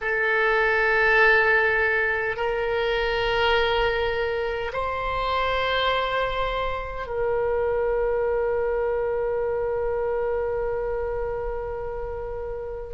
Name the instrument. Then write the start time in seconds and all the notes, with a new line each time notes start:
oboe
0.01 A4
2.36 A#4
4.72 C5
7.06 A#4